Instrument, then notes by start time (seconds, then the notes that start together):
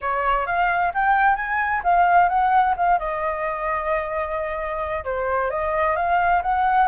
flute
0.01 C#5
0.46 F5
0.94 G5
1.35 G#5
1.83 F5
2.28 F#5
2.76 F5
2.99 D#5
5.04 C5
5.50 D#5
5.96 F5
6.42 F#5